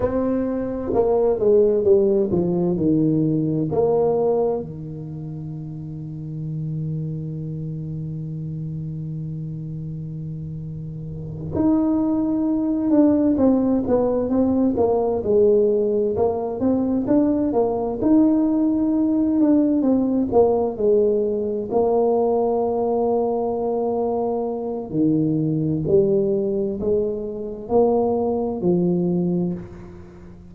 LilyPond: \new Staff \with { instrumentName = "tuba" } { \time 4/4 \tempo 4 = 65 c'4 ais8 gis8 g8 f8 dis4 | ais4 dis2.~ | dis1~ | dis8 dis'4. d'8 c'8 b8 c'8 |
ais8 gis4 ais8 c'8 d'8 ais8 dis'8~ | dis'4 d'8 c'8 ais8 gis4 ais8~ | ais2. dis4 | g4 gis4 ais4 f4 | }